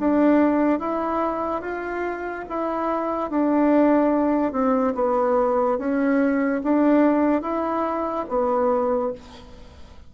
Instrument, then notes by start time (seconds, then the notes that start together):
bassoon
0.00 D4
0.80 E4
1.62 F4
2.49 E4
3.31 D4
4.53 C4
4.95 B3
5.78 C#4
6.64 D4
7.42 E4
8.29 B3